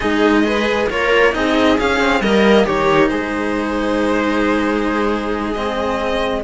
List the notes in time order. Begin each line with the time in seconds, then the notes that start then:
0.00 G#3 D#4 G#4 D#5
0.44 G#4 B4
0.89 A#3 F4 A#4 C#5
1.31 C4 D#4 G#4 D#5
1.79 C#4 F5
1.99 C4
2.20 G3 A#3 A#4 D#5
2.64 D#3 D#4 G4 C#5
3.08 G#3 G#4 C5
5.53 C4 D#5